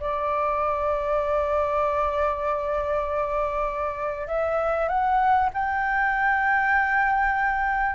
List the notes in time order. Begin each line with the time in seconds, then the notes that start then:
0.00 D5
4.27 E5
4.88 F#5
5.54 G5